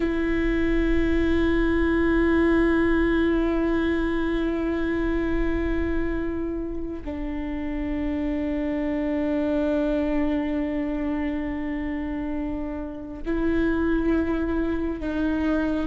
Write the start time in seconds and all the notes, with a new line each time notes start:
0.00 E4
7.05 D4
13.25 E4
15.00 D#4